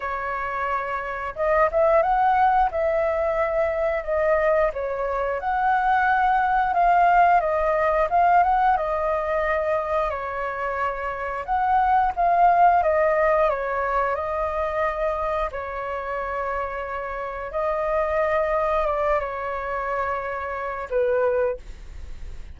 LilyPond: \new Staff \with { instrumentName = "flute" } { \time 4/4 \tempo 4 = 89 cis''2 dis''8 e''8 fis''4 | e''2 dis''4 cis''4 | fis''2 f''4 dis''4 | f''8 fis''8 dis''2 cis''4~ |
cis''4 fis''4 f''4 dis''4 | cis''4 dis''2 cis''4~ | cis''2 dis''2 | d''8 cis''2~ cis''8 b'4 | }